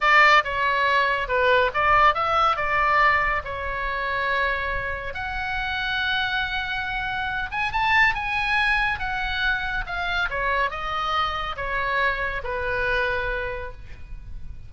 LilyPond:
\new Staff \with { instrumentName = "oboe" } { \time 4/4 \tempo 4 = 140 d''4 cis''2 b'4 | d''4 e''4 d''2 | cis''1 | fis''1~ |
fis''4. gis''8 a''4 gis''4~ | gis''4 fis''2 f''4 | cis''4 dis''2 cis''4~ | cis''4 b'2. | }